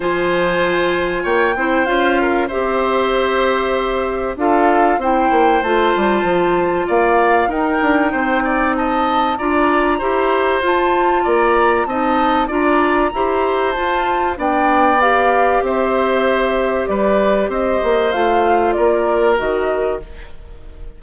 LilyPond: <<
  \new Staff \with { instrumentName = "flute" } { \time 4/4 \tempo 4 = 96 gis''2 g''4 f''4 | e''2. f''4 | g''4 a''2 f''4 | g''2 a''4 ais''4~ |
ais''4 a''4 ais''4 a''4 | ais''2 a''4 g''4 | f''4 e''2 d''4 | dis''4 f''4 d''4 dis''4 | }
  \new Staff \with { instrumentName = "oboe" } { \time 4/4 c''2 cis''8 c''4 ais'8 | c''2. a'4 | c''2. d''4 | ais'4 c''8 d''8 dis''4 d''4 |
c''2 d''4 dis''4 | d''4 c''2 d''4~ | d''4 c''2 b'4 | c''2 ais'2 | }
  \new Staff \with { instrumentName = "clarinet" } { \time 4/4 f'2~ f'8 e'8 f'4 | g'2. f'4 | e'4 f'2. | dis'2. f'4 |
g'4 f'2 dis'4 | f'4 g'4 f'4 d'4 | g'1~ | g'4 f'2 fis'4 | }
  \new Staff \with { instrumentName = "bassoon" } { \time 4/4 f2 ais8 c'8 cis'4 | c'2. d'4 | c'8 ais8 a8 g8 f4 ais4 | dis'8 d'8 c'2 d'4 |
e'4 f'4 ais4 c'4 | d'4 e'4 f'4 b4~ | b4 c'2 g4 | c'8 ais8 a4 ais4 dis4 | }
>>